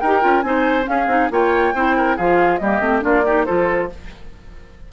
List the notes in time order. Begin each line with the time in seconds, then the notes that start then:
0.00 D#4 G4 A#4 G5
0.21 C#4 F4
0.41 C4 D#4 C5 G#5
0.83 C#4 F5
0.89 C#4 G#4
1.07 C4 D#4
1.31 A#3 F4 C#5 G5
1.75 C4 E4 C5
1.97 A#4
2.17 F3 F4 G#4 F5
2.58 G3 A#3 G4 D#5
2.80 A3 C4
3.01 A#3 D4 F4 D5
3.25 D#4 G4
3.45 F3 F4 A4 C5